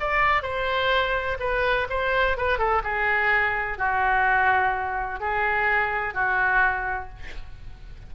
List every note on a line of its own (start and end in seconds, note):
0.00 0.42 D5
0.42 1.38 C5
1.40 1.87 B4
1.90 2.37 C5
2.37 2.58 B4
2.58 2.82 A4
2.84 3.78 G#4
3.78 5.20 F#4
5.20 6.14 G#4
6.14 7.09 F#4